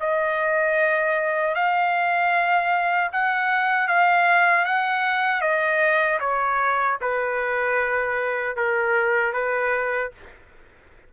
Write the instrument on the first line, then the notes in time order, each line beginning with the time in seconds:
trumpet
0.00 D#5
1.55 F5
3.12 F#5
3.88 F5
4.65 F#5
5.41 D#5
6.20 C#5
7.01 B4
8.56 A#4
9.33 B4